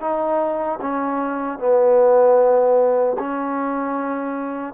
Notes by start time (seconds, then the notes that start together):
0.00 D#4
0.81 C#4
1.59 B3
3.19 C#4